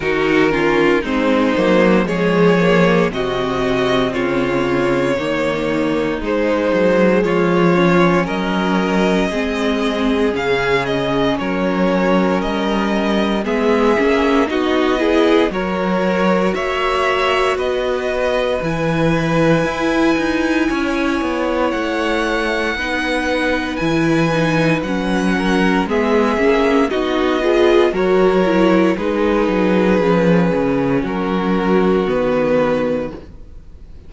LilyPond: <<
  \new Staff \with { instrumentName = "violin" } { \time 4/4 \tempo 4 = 58 ais'4 c''4 cis''4 dis''4 | cis''2 c''4 cis''4 | dis''2 f''8 dis''8 cis''4 | dis''4 e''4 dis''4 cis''4 |
e''4 dis''4 gis''2~ | gis''4 fis''2 gis''4 | fis''4 e''4 dis''4 cis''4 | b'2 ais'4 b'4 | }
  \new Staff \with { instrumentName = "violin" } { \time 4/4 fis'8 f'8 dis'4 gis'4 fis'4 | f'4 dis'2 f'4 | ais'4 gis'2 ais'4~ | ais'4 gis'4 fis'8 gis'8 ais'4 |
cis''4 b'2. | cis''2 b'2~ | b'8 ais'8 gis'4 fis'8 gis'8 ais'4 | gis'2 fis'2 | }
  \new Staff \with { instrumentName = "viola" } { \time 4/4 dis'8 cis'8 c'8 ais8 gis8 ais8 c'4~ | c'4 ais4 gis4. cis'8~ | cis'4 c'4 cis'2~ | cis'4 b8 cis'8 dis'8 e'8 fis'4~ |
fis'2 e'2~ | e'2 dis'4 e'8 dis'8 | cis'4 b8 cis'8 dis'8 f'8 fis'8 e'8 | dis'4 cis'2 b4 | }
  \new Staff \with { instrumentName = "cello" } { \time 4/4 dis4 gis8 fis8 f4 c4 | cis4 dis4 gis8 fis8 f4 | fis4 gis4 cis4 fis4 | g4 gis8 ais8 b4 fis4 |
ais4 b4 e4 e'8 dis'8 | cis'8 b8 a4 b4 e4 | fis4 gis8 ais8 b4 fis4 | gis8 fis8 f8 cis8 fis4 dis4 | }
>>